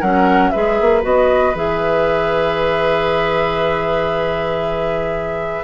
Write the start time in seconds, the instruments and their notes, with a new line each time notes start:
0.00 bassoon F#3, clarinet C#4, oboe A#4, flute F#5
0.50 bassoon G#3, clarinet G#4, oboe B4, flute E5
0.80 bassoon A#3
1.02 bassoon B3, clarinet F#4, flute D#5
1.54 bassoon E3, clarinet G#4, flute E5